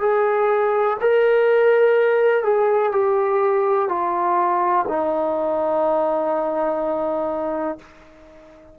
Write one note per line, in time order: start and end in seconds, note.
0.00 0.97 G#4
1.01 2.43 A#4
2.43 2.92 G#4
2.92 3.88 G4
3.88 4.85 F4
4.88 7.78 D#4